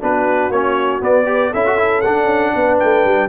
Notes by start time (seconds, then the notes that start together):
0.00 B3 D4 F#4 B4
0.50 A#3 C#4 C#5
1.00 B3 D5
1.26 G4
1.32 B4
1.51 C#4 E4 A4 E5
1.66 F#4
1.78 E4
2.01 D4 F#5
2.25 C#4
2.55 B3 B4
2.79 A3 G5
3.05 G3